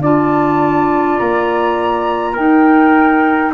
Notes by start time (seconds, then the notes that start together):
0.00 D4 F4 D5 A5
1.18 A#3 A#5
2.32 D#4 A#4 G5